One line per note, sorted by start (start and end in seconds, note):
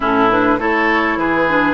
0.00 0.58 A2
0.00 0.29 C#4
0.00 0.59 E4
0.00 0.30 A4
0.30 0.58 D4
0.30 0.59 B4
0.58 1.16 A3
0.58 1.46 E4
0.58 1.18 A4
0.58 1.18 C#5
1.16 1.73 E3
1.16 1.73 G#4
1.16 1.73 B4
1.48 1.73 D4